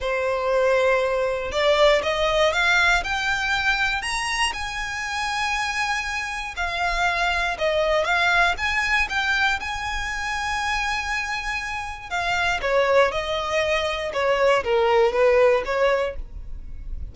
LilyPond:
\new Staff \with { instrumentName = "violin" } { \time 4/4 \tempo 4 = 119 c''2. d''4 | dis''4 f''4 g''2 | ais''4 gis''2.~ | gis''4 f''2 dis''4 |
f''4 gis''4 g''4 gis''4~ | gis''1 | f''4 cis''4 dis''2 | cis''4 ais'4 b'4 cis''4 | }